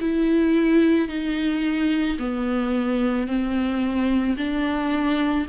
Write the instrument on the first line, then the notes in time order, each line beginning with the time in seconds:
viola
0.00 E4
1.08 D#4
2.19 B3
3.27 C4
4.37 D4